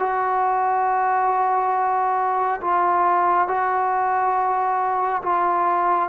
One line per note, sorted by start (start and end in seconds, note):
0.00 2.61 F#4
2.62 3.48 F4
3.48 5.22 F#4
5.23 6.09 F4